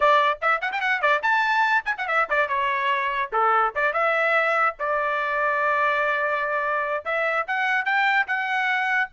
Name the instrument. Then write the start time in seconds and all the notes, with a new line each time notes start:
trumpet
0.00 D5
0.41 E5
0.61 F#5
0.72 G5
0.80 F#5
1.01 D5
1.22 A5
1.85 G#5
1.97 F#5
2.07 E5
2.29 D5
2.48 C#5
3.32 A4
3.75 D5
3.93 E5
4.79 D5
7.04 E5
7.47 F#5
7.85 G5
8.27 F#5